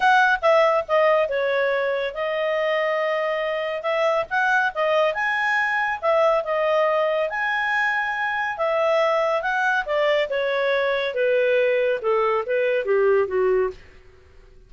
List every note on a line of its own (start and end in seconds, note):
0.00 0.40 F#5
0.41 0.84 E5
0.88 1.29 D#5
1.29 2.14 C#5
2.14 3.82 D#5
3.82 4.25 E5
4.30 4.72 F#5
4.74 5.14 D#5
5.14 5.99 G#5
6.01 6.44 E5
6.44 7.29 D#5
7.29 8.57 G#5
8.57 9.42 E5
9.42 9.85 F#5
9.85 10.28 D5
10.29 11.14 C#5
11.14 12.00 B4
12.01 12.44 A4
12.46 12.85 B4
12.85 13.27 G4
13.27 13.70 F#4